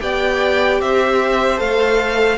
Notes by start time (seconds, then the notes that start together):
0.00 B3 G4 D5 G5
0.81 C4 C5 E5
1.57 A3 A4 F5